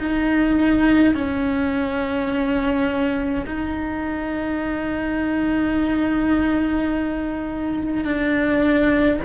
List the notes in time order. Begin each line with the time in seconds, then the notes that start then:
0.00 D#4
1.15 C#4
3.46 D#4
8.05 D4